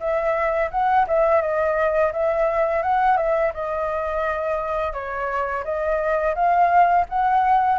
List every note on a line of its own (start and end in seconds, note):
0.00 0.71 E5
0.71 1.07 F#5
1.07 1.42 E5
1.42 2.12 D#5
2.13 2.83 E5
2.83 3.17 F#5
3.17 3.52 E5
3.54 4.93 D#5
4.93 5.64 C#5
5.64 6.35 D#5
6.35 7.06 F5
7.09 7.79 F#5